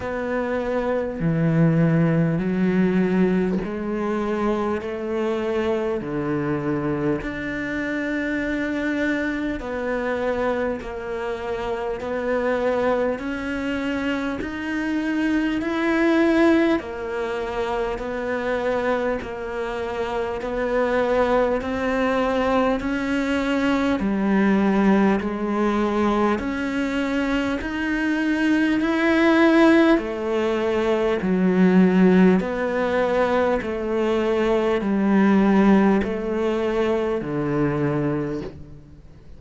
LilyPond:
\new Staff \with { instrumentName = "cello" } { \time 4/4 \tempo 4 = 50 b4 e4 fis4 gis4 | a4 d4 d'2 | b4 ais4 b4 cis'4 | dis'4 e'4 ais4 b4 |
ais4 b4 c'4 cis'4 | g4 gis4 cis'4 dis'4 | e'4 a4 fis4 b4 | a4 g4 a4 d4 | }